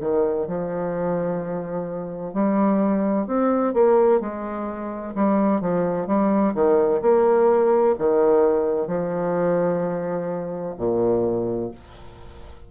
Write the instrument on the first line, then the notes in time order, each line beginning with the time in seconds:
bassoon
0.00 D#3
0.47 F3
2.33 G3
3.26 C4
3.73 A#3
4.20 G#3
5.14 G3
5.61 F3
6.07 G3
6.54 D#3
7.01 A#3
7.98 D#3
8.87 F3
10.77 A#2